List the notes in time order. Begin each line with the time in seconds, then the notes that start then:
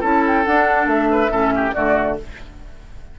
0.00 C#4 E4 A4 A5
0.27 G5
0.45 D4 F#5
0.86 A3 E5
1.11 B4
1.29 A2 C#4 A4
1.55 G4
1.73 D3 A3 F#4 D5